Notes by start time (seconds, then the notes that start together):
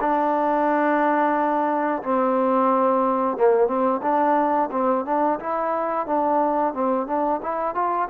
0.00 D4
2.03 C4
3.37 A#3
3.67 C4
4.02 D4
4.71 C4
5.05 D4
5.39 E4
6.06 D4
6.73 C4
7.07 D4
7.42 E4
7.74 F4